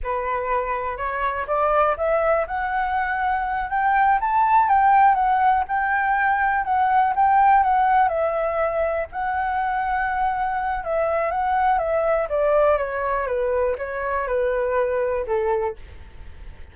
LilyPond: \new Staff \with { instrumentName = "flute" } { \time 4/4 \tempo 4 = 122 b'2 cis''4 d''4 | e''4 fis''2~ fis''8 g''8~ | g''8 a''4 g''4 fis''4 g''8~ | g''4. fis''4 g''4 fis''8~ |
fis''8 e''2 fis''4.~ | fis''2 e''4 fis''4 | e''4 d''4 cis''4 b'4 | cis''4 b'2 a'4 | }